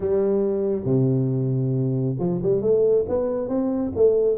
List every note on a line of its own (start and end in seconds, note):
0.00 0.85 G3
0.85 2.16 C3
2.19 2.41 F3
2.42 2.61 G3
2.61 3.05 A3
3.08 3.48 B3
3.48 3.92 C4
3.95 4.38 A3